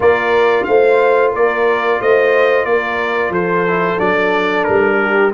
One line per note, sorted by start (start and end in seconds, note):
0.00 0.65 A#3
0.00 3.67 F4
0.00 0.67 A#4
0.00 0.63 D5
0.63 1.34 A3
0.63 1.32 C5
0.63 1.30 F5
1.32 2.00 A#3
1.32 1.99 A#4
1.32 2.01 D5
2.00 2.65 A3
2.00 2.67 C5
2.00 2.65 D#5
2.65 3.30 A#3
2.65 3.31 A#4
2.65 3.32 D5
3.30 3.96 F3
3.30 4.98 A4
3.30 3.99 C5
3.67 3.98 E4
3.98 4.66 F#3
3.98 5.31 D4
3.98 4.64 D5
4.64 5.33 G3
4.64 5.30 A#4
5.01 5.33 G4